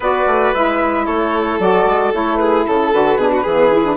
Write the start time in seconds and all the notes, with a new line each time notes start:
0.00 B3 F#4 B4 D5
0.26 A3
0.54 G#3 E4 E5
1.05 A3 A4 C#5
1.59 F#3 F#4 D5
1.85 G#3
2.12 A3 E4 C#5
2.36 G#4 B4
2.66 C#3 A4
2.92 D3 F#4 B4
3.16 B2 D4 G#4
3.31 F#4
3.43 E3 G#4
3.49 B3
3.72 E4
3.85 D4